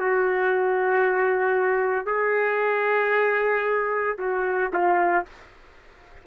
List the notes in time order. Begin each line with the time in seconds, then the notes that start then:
0.00 F#4
2.07 G#4
4.19 F#4
4.74 F4